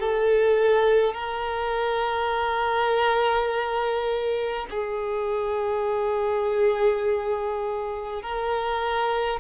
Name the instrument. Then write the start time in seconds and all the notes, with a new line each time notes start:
violin
0.00 A4
1.14 A#4
4.71 G#4
8.22 A#4